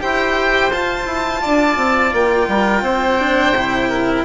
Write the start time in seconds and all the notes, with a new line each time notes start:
0.00 E4 G4 C5 G5
0.71 F4 A5
1.06 E4
1.41 D4 D5
1.77 C4
2.13 A#3 G5
2.48 G3 A#4
2.82 C4 C5
3.19 D4
3.51 C3
3.57 E4
3.89 A#4